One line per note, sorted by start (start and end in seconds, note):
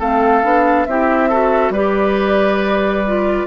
0.00 0.43 A3
0.00 0.44 C4
0.00 0.87 A4
0.00 0.86 F5
0.44 0.87 B3
0.44 0.87 D4
0.86 1.70 C4
0.86 1.32 E4
0.86 1.30 G4
0.86 1.73 E5
1.30 1.75 F#4
1.30 1.73 A4
1.70 3.44 G3
1.70 3.06 G4
1.70 3.47 B4
1.70 3.47 D5
3.07 3.47 F4